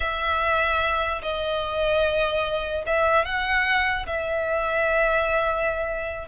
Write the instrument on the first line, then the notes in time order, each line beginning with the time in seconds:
violin
0.00 E5
1.22 D#5
2.86 E5
3.25 F#5
4.06 E5